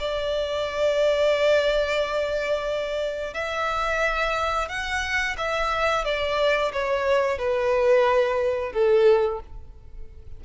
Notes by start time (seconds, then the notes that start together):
0.00 D5
3.34 E5
4.69 F#5
5.38 E5
6.05 D5
6.73 C#5
7.39 B4
8.73 A4